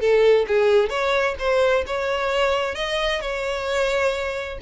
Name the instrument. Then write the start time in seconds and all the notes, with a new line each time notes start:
violin
0.00 A4
0.47 G#4
0.89 C#5
1.39 C5
1.86 C#5
2.75 D#5
3.21 C#5